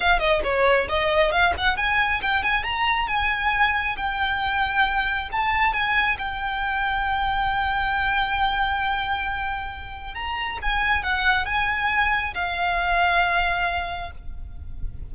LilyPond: \new Staff \with { instrumentName = "violin" } { \time 4/4 \tempo 4 = 136 f''8 dis''8 cis''4 dis''4 f''8 fis''8 | gis''4 g''8 gis''8 ais''4 gis''4~ | gis''4 g''2. | a''4 gis''4 g''2~ |
g''1~ | g''2. ais''4 | gis''4 fis''4 gis''2 | f''1 | }